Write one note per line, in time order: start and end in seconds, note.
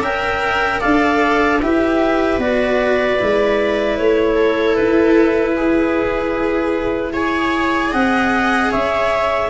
0.00 0.79 C#4
0.00 0.81 A#4
0.00 0.80 E5
0.00 0.81 G5
0.80 1.63 D4
0.80 1.60 A4
0.80 1.59 D5
0.80 1.60 F5
1.61 2.38 E4
1.61 2.40 G4
1.61 4.35 B4
1.61 2.40 E5
2.38 3.17 B3
2.38 3.19 F#4
2.38 3.97 D5
3.19 3.99 G#3
3.19 7.13 E4
3.97 4.77 A3
3.97 4.75 C#5
4.35 5.53 A4
4.75 7.93 E4
4.75 7.12 B4
5.56 7.13 G#4
7.13 9.50 G#4
7.13 7.91 C#5
7.13 7.93 G#5
7.91 8.72 C4
7.91 8.70 D#5
7.91 8.72 F#5
8.71 9.50 C#4
8.71 9.50 C#5
8.71 9.50 E5